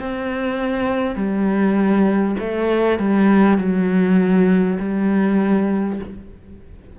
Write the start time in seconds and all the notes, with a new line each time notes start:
0.00 C4
1.16 G3
2.40 A3
2.99 G3
3.59 F#3
4.79 G3